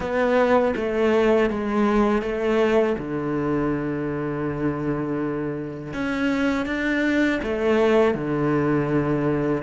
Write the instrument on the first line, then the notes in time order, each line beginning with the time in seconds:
cello
0.00 B3
0.76 A3
1.50 G#3
2.22 A3
2.98 D3
5.93 C#4
6.66 D4
7.42 A3
8.14 D3